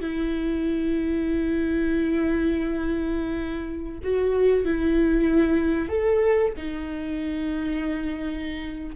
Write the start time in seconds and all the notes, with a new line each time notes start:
0.00 E4
4.03 F#4
4.64 E4
5.88 A4
6.57 D#4